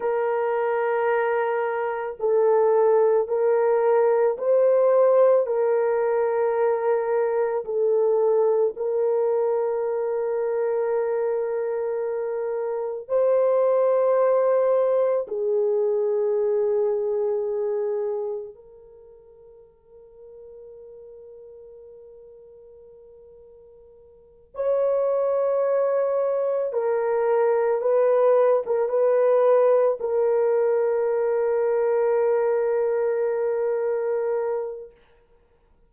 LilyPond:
\new Staff \with { instrumentName = "horn" } { \time 4/4 \tempo 4 = 55 ais'2 a'4 ais'4 | c''4 ais'2 a'4 | ais'1 | c''2 gis'2~ |
gis'4 ais'2.~ | ais'2~ ais'8 cis''4.~ | cis''8 ais'4 b'8. ais'16 b'4 ais'8~ | ais'1 | }